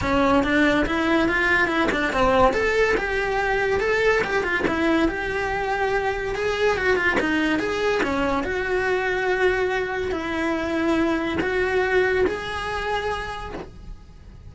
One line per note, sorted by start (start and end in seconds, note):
0.01 0.43 C#4
0.43 0.85 D4
0.86 1.28 E4
1.28 1.67 F4
1.67 1.88 E4
1.91 2.12 D4
2.12 2.53 C4
2.53 2.95 A4
2.97 3.79 G4
3.79 4.22 A4
4.23 4.43 G4
4.43 4.64 F4
4.67 5.08 E4
5.08 6.35 G4
6.35 6.77 G#4
6.77 6.96 F#4
6.96 7.17 F4
7.20 7.59 D#4
7.59 8.01 G#4
8.02 8.43 C#4
8.43 10.11 F#4
10.11 11.38 E4
11.40 12.25 F#4
12.27 13.53 G#4